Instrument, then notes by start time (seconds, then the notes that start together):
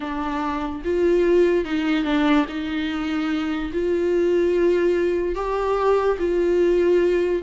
viola
0.00 D4
0.84 F4
1.64 D#4
2.04 D4
2.48 D#4
3.72 F4
5.35 G4
6.18 F4